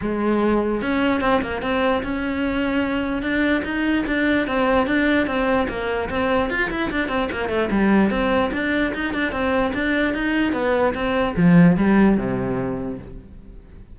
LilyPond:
\new Staff \with { instrumentName = "cello" } { \time 4/4 \tempo 4 = 148 gis2 cis'4 c'8 ais8 | c'4 cis'2. | d'4 dis'4 d'4 c'4 | d'4 c'4 ais4 c'4 |
f'8 e'8 d'8 c'8 ais8 a8 g4 | c'4 d'4 dis'8 d'8 c'4 | d'4 dis'4 b4 c'4 | f4 g4 c2 | }